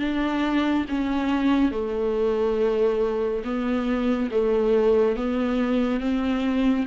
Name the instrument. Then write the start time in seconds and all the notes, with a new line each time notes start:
viola
0.00 D4
0.89 C#4
1.72 A3
3.44 B3
4.32 A3
5.17 B3
6.01 C4